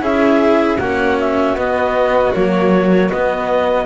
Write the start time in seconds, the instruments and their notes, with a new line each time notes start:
0.00 double bass C#4, cello E4, violin G#4, clarinet E5
0.79 double bass A#3, cello C#4, violin F#4, clarinet F#5
1.19 clarinet E5
1.53 double bass B3, cello B3, clarinet D#5
2.33 cello F#3, double bass A#3, clarinet C#5
3.09 cello B3, double bass B3, clarinet D#5